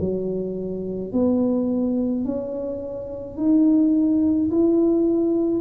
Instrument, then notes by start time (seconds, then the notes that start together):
tuba
0.00 F#3
1.13 B3
2.25 C#4
3.37 D#4
4.51 E4